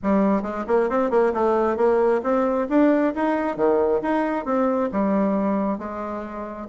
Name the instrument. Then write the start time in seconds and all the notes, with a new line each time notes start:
bassoon
0.02 G3
0.42 G#3
0.67 A#3
0.89 C4
1.10 A#3
1.33 A3
1.76 A#3
2.23 C4
2.69 D4
3.15 D#4
3.56 D#3
4.02 D#4
4.45 C4
4.92 G3
5.78 G#3